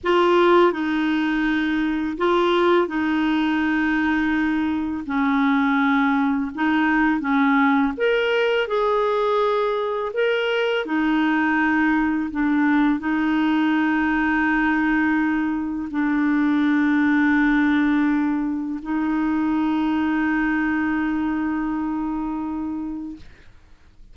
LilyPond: \new Staff \with { instrumentName = "clarinet" } { \time 4/4 \tempo 4 = 83 f'4 dis'2 f'4 | dis'2. cis'4~ | cis'4 dis'4 cis'4 ais'4 | gis'2 ais'4 dis'4~ |
dis'4 d'4 dis'2~ | dis'2 d'2~ | d'2 dis'2~ | dis'1 | }